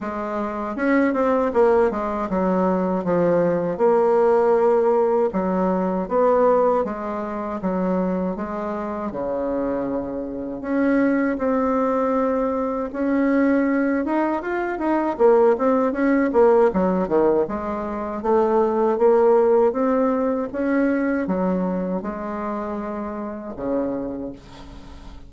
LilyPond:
\new Staff \with { instrumentName = "bassoon" } { \time 4/4 \tempo 4 = 79 gis4 cis'8 c'8 ais8 gis8 fis4 | f4 ais2 fis4 | b4 gis4 fis4 gis4 | cis2 cis'4 c'4~ |
c'4 cis'4. dis'8 f'8 dis'8 | ais8 c'8 cis'8 ais8 fis8 dis8 gis4 | a4 ais4 c'4 cis'4 | fis4 gis2 cis4 | }